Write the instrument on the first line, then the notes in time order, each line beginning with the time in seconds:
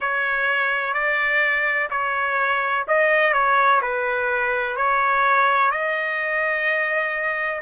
trumpet
0.00 C#5
0.93 D5
1.90 C#5
2.87 D#5
3.33 C#5
3.81 B4
4.76 C#5
5.71 D#5